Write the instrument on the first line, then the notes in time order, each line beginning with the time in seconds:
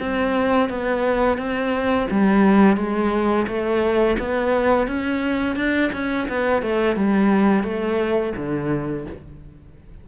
cello
0.00 C4
0.70 B3
1.38 C4
2.11 G3
2.77 G#3
3.48 A3
4.19 B3
4.88 C#4
5.56 D4
5.93 C#4
6.29 B3
6.62 A3
6.97 G3
7.64 A3
8.37 D3